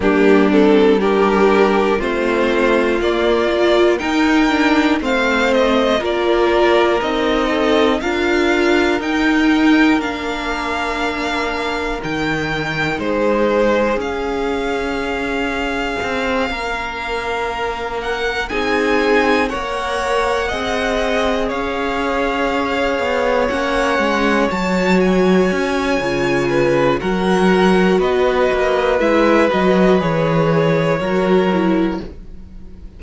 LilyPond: <<
  \new Staff \with { instrumentName = "violin" } { \time 4/4 \tempo 4 = 60 g'8 a'8 ais'4 c''4 d''4 | g''4 f''8 dis''8 d''4 dis''4 | f''4 g''4 f''2 | g''4 c''4 f''2~ |
f''2 fis''8 gis''4 fis''8~ | fis''4. f''2 fis''8~ | fis''8 a''8 gis''2 fis''4 | dis''4 e''8 dis''8 cis''2 | }
  \new Staff \with { instrumentName = "violin" } { \time 4/4 d'4 g'4 f'2 | ais'4 c''4 ais'4. a'8 | ais'1~ | ais'4 gis'2.~ |
gis'8 ais'2 gis'4 cis''8~ | cis''8 dis''4 cis''2~ cis''8~ | cis''2~ cis''8 b'8 ais'4 | b'2. ais'4 | }
  \new Staff \with { instrumentName = "viola" } { \time 4/4 ais8 c'8 d'4 c'4 ais8 f'8 | dis'8 d'8 c'4 f'4 dis'4 | f'4 dis'4 d'2 | dis'2 cis'2~ |
cis'2~ cis'8 dis'4 ais'8~ | ais'8 gis'2. cis'8~ | cis'8 fis'4. f'4 fis'4~ | fis'4 e'8 fis'8 gis'4 fis'8 e'8 | }
  \new Staff \with { instrumentName = "cello" } { \time 4/4 g2 a4 ais4 | dis'4 a4 ais4 c'4 | d'4 dis'4 ais2 | dis4 gis4 cis'2 |
c'8 ais2 c'4 ais8~ | ais8 c'4 cis'4. b8 ais8 | gis8 fis4 cis'8 cis4 fis4 | b8 ais8 gis8 fis8 e4 fis4 | }
>>